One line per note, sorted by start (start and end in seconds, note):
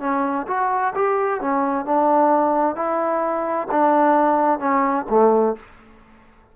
0.00 0.46 C#4
0.47 0.93 F#4
0.95 1.41 G4
1.41 1.85 C#4
1.85 2.75 D4
2.75 3.68 E4
3.71 4.59 D4
4.59 5.05 C#4
5.10 5.56 A3